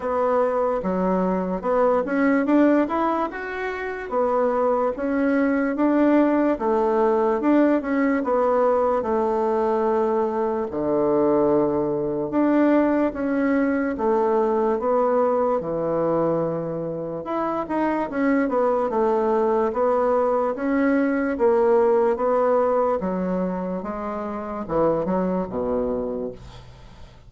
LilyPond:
\new Staff \with { instrumentName = "bassoon" } { \time 4/4 \tempo 4 = 73 b4 fis4 b8 cis'8 d'8 e'8 | fis'4 b4 cis'4 d'4 | a4 d'8 cis'8 b4 a4~ | a4 d2 d'4 |
cis'4 a4 b4 e4~ | e4 e'8 dis'8 cis'8 b8 a4 | b4 cis'4 ais4 b4 | fis4 gis4 e8 fis8 b,4 | }